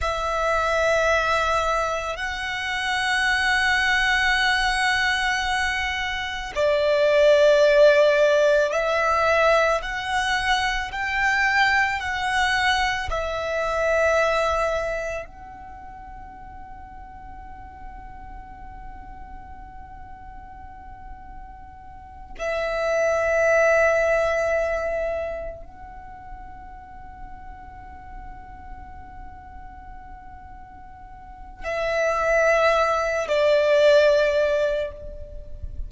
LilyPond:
\new Staff \with { instrumentName = "violin" } { \time 4/4 \tempo 4 = 55 e''2 fis''2~ | fis''2 d''2 | e''4 fis''4 g''4 fis''4 | e''2 fis''2~ |
fis''1~ | fis''8 e''2. fis''8~ | fis''1~ | fis''4 e''4. d''4. | }